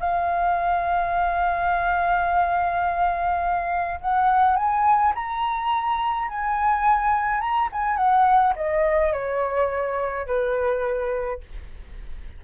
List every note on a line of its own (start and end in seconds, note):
0.00 4.00 F5
4.01 4.57 F#5
4.57 5.14 G#5
5.16 6.29 A#5
6.29 7.41 G#5
7.41 7.69 A#5
7.72 7.97 G#5
7.97 8.54 F#5
8.56 9.13 D#5
9.13 10.27 C#5
10.27 11.41 B4